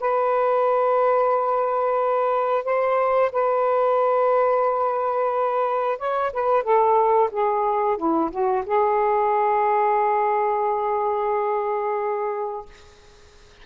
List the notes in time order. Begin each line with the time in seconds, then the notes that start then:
0.00 B4
2.64 C5
3.32 B4
5.98 C#5
6.33 B4
6.63 A4
7.31 G#4
7.97 E4
8.31 F#4
8.66 G#4